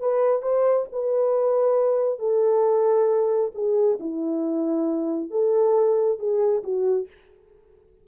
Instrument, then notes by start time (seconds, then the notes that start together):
horn
0.00 B4
0.42 C5
0.92 B4
2.19 A4
3.55 G#4
4.00 E4
5.31 A4
6.19 G#4
6.63 F#4